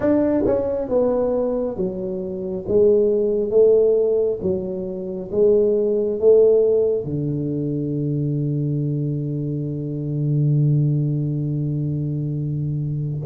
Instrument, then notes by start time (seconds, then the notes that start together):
tuba
0.00 D4
0.46 C#4
0.88 B3
1.76 F#3
2.68 G#3
3.50 A3
4.42 F#3
5.31 G#3
6.19 A3
7.04 D3